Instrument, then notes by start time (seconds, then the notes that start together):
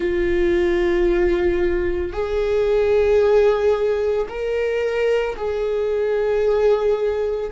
viola
0.00 F4
2.12 G#4
4.29 A#4
5.36 G#4